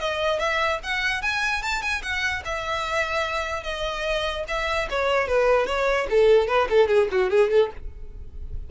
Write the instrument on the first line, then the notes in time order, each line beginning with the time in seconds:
violin
0.00 D#5
0.39 E5
0.83 F#5
1.22 G#5
1.63 A5
1.82 G#5
2.03 F#5
2.45 E5
3.63 D#5
4.48 E5
4.90 C#5
5.28 B4
5.66 C#5
6.10 A4
6.48 B4
6.70 A4
6.88 G#4
7.11 F#4
7.30 G#4
7.50 A4